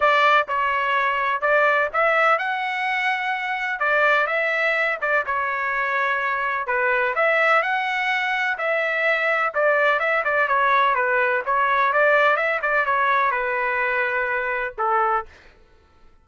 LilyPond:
\new Staff \with { instrumentName = "trumpet" } { \time 4/4 \tempo 4 = 126 d''4 cis''2 d''4 | e''4 fis''2. | d''4 e''4. d''8 cis''4~ | cis''2 b'4 e''4 |
fis''2 e''2 | d''4 e''8 d''8 cis''4 b'4 | cis''4 d''4 e''8 d''8 cis''4 | b'2. a'4 | }